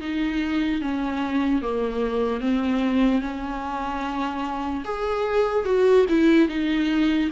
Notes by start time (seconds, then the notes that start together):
0.00 D#4
0.81 C#4
1.61 A#3
2.40 C4
3.21 C#4
4.84 G#4
5.65 F#4
6.08 E4
6.48 D#4